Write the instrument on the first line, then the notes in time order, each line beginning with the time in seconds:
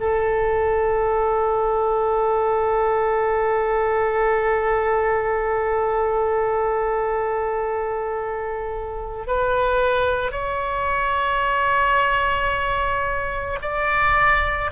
oboe
0.00 A4
9.27 B4
10.31 C#5
13.62 D5